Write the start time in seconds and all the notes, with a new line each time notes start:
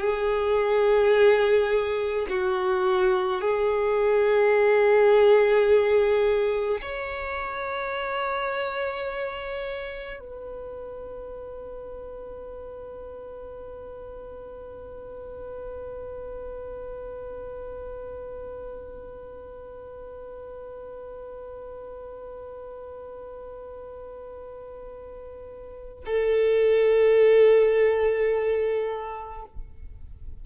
0.00 G#4
2.29 F#4
3.41 G#4
6.81 C#5
10.19 B4
26.05 A4